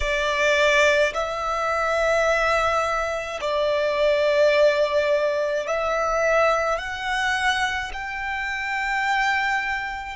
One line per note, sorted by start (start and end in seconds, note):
0.00 1.13 D5
1.13 3.40 E5
3.40 5.67 D5
5.67 6.78 E5
6.78 7.91 F#5
7.93 10.16 G5